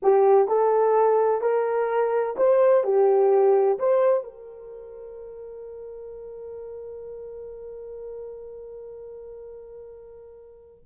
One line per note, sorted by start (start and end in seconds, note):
0.02 0.48 G4
0.48 1.41 A4
1.41 2.35 A#4
2.36 2.83 C5
2.83 3.78 G4
3.78 4.23 C5
4.23 10.84 A#4